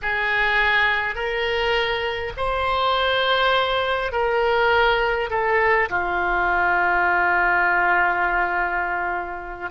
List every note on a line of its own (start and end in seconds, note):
0.02 1.15 G#4
1.15 2.33 A#4
2.36 4.12 C5
4.12 5.29 A#4
5.29 5.88 A4
5.89 9.70 F4